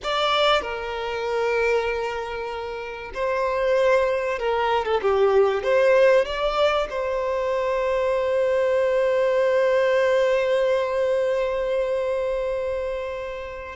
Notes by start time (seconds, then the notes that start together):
0.03 D5
0.61 A#4
3.13 C5
4.39 A#4
4.85 A4
5.01 G4
5.63 C5
6.25 D5
6.90 C5